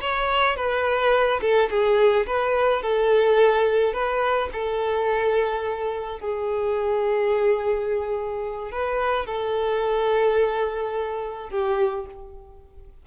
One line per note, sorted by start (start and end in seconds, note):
0.00 0.56 C#5
0.56 1.40 B4
1.41 1.69 A4
1.70 2.26 G#4
2.26 2.82 B4
2.82 3.93 A4
3.93 4.49 B4
4.52 6.19 A4
6.19 8.71 G#4
8.71 9.26 B4
9.26 11.50 A4
11.50 12.06 G4